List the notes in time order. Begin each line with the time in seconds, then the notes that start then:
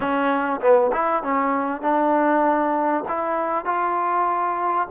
0.00 C#4
0.60 B3
0.92 E4
1.23 C#4
1.81 D4
3.08 E4
3.65 F4